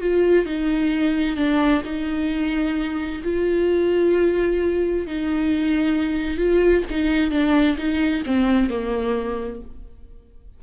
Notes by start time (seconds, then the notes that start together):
0.00 F4
0.45 D#4
1.36 D4
1.84 D#4
3.23 F4
5.07 D#4
6.37 F4
6.90 D#4
7.31 D4
7.77 D#4
8.26 C4
8.70 A#3